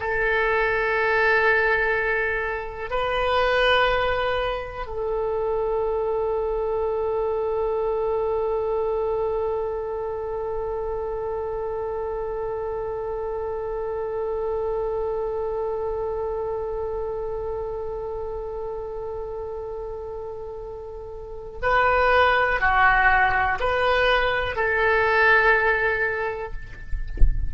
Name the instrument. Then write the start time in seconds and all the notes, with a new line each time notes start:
oboe
0.00 A4
2.90 B4
4.87 A4
21.62 B4
22.61 F#4
23.60 B4
24.56 A4